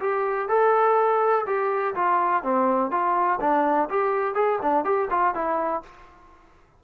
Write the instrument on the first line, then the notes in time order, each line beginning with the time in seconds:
trombone
0.00 G4
0.49 A4
1.46 G4
1.95 F4
2.43 C4
2.91 F4
3.41 D4
3.89 G4
4.35 G#4
4.62 D4
4.85 G4
5.10 F4
5.34 E4